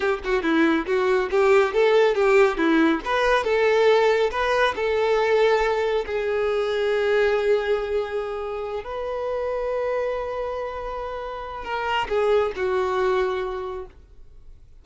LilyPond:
\new Staff \with { instrumentName = "violin" } { \time 4/4 \tempo 4 = 139 g'8 fis'8 e'4 fis'4 g'4 | a'4 g'4 e'4 b'4 | a'2 b'4 a'4~ | a'2 gis'2~ |
gis'1~ | gis'8 b'2.~ b'8~ | b'2. ais'4 | gis'4 fis'2. | }